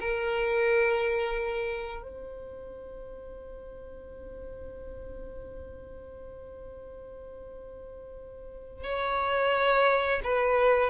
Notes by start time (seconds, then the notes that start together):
0.00 A#4
2.03 C5
8.84 C#5
10.24 B4